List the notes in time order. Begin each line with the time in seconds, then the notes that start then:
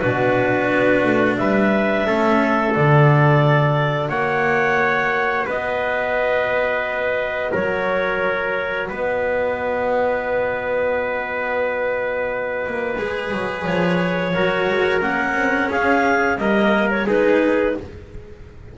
0.00 B2 D4 F#4 B4
0.72 B3
1.04 A3
1.38 G3 B4 E5
2.07 A3 C#4 A4
2.73 D3 F#4 D5
4.10 A#3 C#5 F#5
5.46 B3 B4 D#5
7.52 F#3 A#4 C#5
8.89 B3 B4 D#5
12.67 A#3
12.99 G#3 G#4
13.32 F#3
13.65 F3 C#5
14.35 F#3 F#4 A#4
14.69 G#3
15.01 A#3 C#4 F#5
15.36 C4
15.71 C#4 G#4 F5
16.38 G3 A#3 A#4 D#5
16.91 C#5
17.07 G#3 D#4 G#4 B4